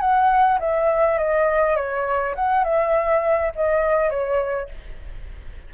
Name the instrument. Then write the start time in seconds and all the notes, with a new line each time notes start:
flute
0.00 F#5
0.59 E5
1.18 D#5
1.76 C#5
2.35 F#5
2.64 E5
3.55 D#5
4.10 C#5